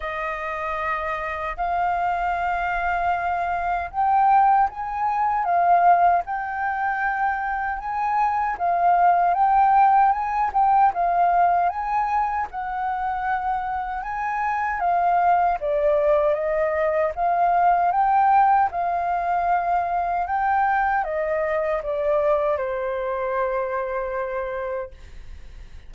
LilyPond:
\new Staff \with { instrumentName = "flute" } { \time 4/4 \tempo 4 = 77 dis''2 f''2~ | f''4 g''4 gis''4 f''4 | g''2 gis''4 f''4 | g''4 gis''8 g''8 f''4 gis''4 |
fis''2 gis''4 f''4 | d''4 dis''4 f''4 g''4 | f''2 g''4 dis''4 | d''4 c''2. | }